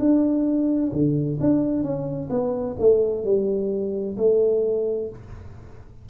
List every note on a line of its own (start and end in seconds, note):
0.00 0.92 D4
0.93 1.39 D3
1.41 1.83 D4
1.83 2.30 C#4
2.30 2.77 B3
2.80 3.25 A3
3.25 4.17 G3
4.17 5.10 A3